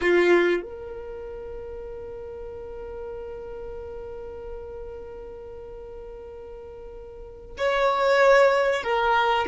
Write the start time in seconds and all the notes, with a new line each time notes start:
0.01 F4
0.62 A#4
7.57 C#5
8.83 A#4